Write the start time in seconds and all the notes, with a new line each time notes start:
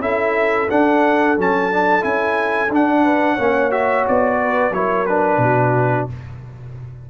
0.00 C#4 E4 A4 E5
0.70 D4 F#5
1.37 F#3 C#4 A5
1.71 D4
2.01 C#4 E4 G#5
2.70 D4 F#5
3.03 B4
3.34 A#3 C#4 C#5
3.71 F#4 E5
4.08 B3 D5
4.41 B4
4.71 F#3 E4 A#4 C#5
5.06 D4 B4
5.37 B2 F#4